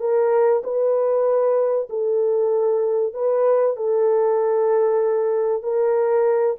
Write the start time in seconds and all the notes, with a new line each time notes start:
0.00 A#4
0.64 B4
1.90 A4
3.14 B4
3.76 A4
5.63 A#4